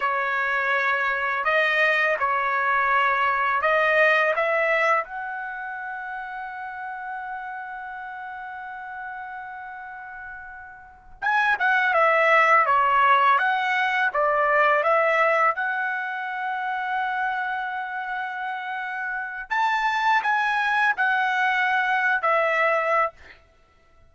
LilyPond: \new Staff \with { instrumentName = "trumpet" } { \time 4/4 \tempo 4 = 83 cis''2 dis''4 cis''4~ | cis''4 dis''4 e''4 fis''4~ | fis''1~ | fis''2.~ fis''8 gis''8 |
fis''8 e''4 cis''4 fis''4 d''8~ | d''8 e''4 fis''2~ fis''8~ | fis''2. a''4 | gis''4 fis''4.~ fis''16 e''4~ e''16 | }